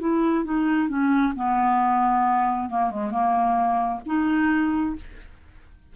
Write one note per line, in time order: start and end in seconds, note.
0.00 0.45 E4
0.45 0.89 D#4
0.89 1.34 C#4
1.36 2.70 B3
2.70 2.91 A#3
2.91 3.11 G#3
3.11 4.01 A#3
4.07 4.96 D#4